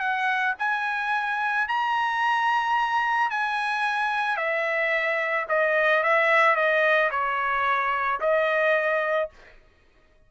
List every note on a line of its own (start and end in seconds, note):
0.00 0.55 F#5
0.59 1.68 G#5
1.68 3.31 A#5
3.31 4.37 G#5
4.37 5.46 E5
5.49 6.04 D#5
6.04 6.56 E5
6.56 7.10 D#5
7.11 8.20 C#5
8.21 9.30 D#5